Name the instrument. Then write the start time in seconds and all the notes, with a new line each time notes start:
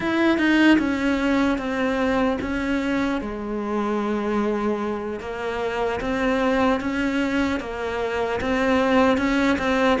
cello
0.00 E4
0.38 D#4
0.78 C#4
1.57 C4
2.41 C#4
3.21 G#3
5.20 A#3
6.00 C4
6.80 C#4
7.60 A#3
8.40 C4
9.17 C#4
9.58 C4